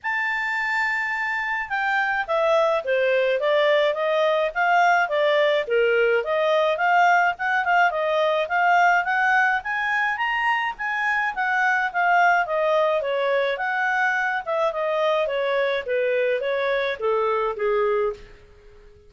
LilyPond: \new Staff \with { instrumentName = "clarinet" } { \time 4/4 \tempo 4 = 106 a''2. g''4 | e''4 c''4 d''4 dis''4 | f''4 d''4 ais'4 dis''4 | f''4 fis''8 f''8 dis''4 f''4 |
fis''4 gis''4 ais''4 gis''4 | fis''4 f''4 dis''4 cis''4 | fis''4. e''8 dis''4 cis''4 | b'4 cis''4 a'4 gis'4 | }